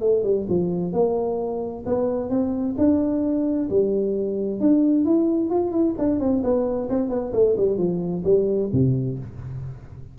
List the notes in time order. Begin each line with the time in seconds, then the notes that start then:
0.00 A3
0.23 G3
0.49 F3
0.92 A#3
1.85 B3
2.29 C4
2.78 D4
3.69 G3
4.60 D4
5.04 E4
5.50 F4
5.71 E4
5.98 D4
6.19 C4
6.43 B3
6.89 C4
7.09 B3
7.33 A3
7.56 G3
7.77 F3
8.24 G3
8.72 C3